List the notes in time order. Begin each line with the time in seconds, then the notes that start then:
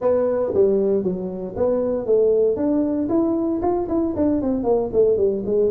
0.01 B3
0.54 G3
1.03 F#3
1.56 B3
2.06 A3
2.56 D4
3.08 E4
3.61 F4
3.88 E4
4.16 D4
4.41 C4
4.63 A#3
4.92 A3
5.17 G3
5.45 G#3